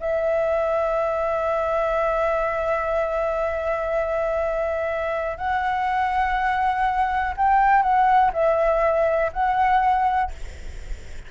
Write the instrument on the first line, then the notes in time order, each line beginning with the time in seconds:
flute
0.00 E5
5.38 F#5
7.37 G5
7.82 F#5
8.34 E5
9.33 F#5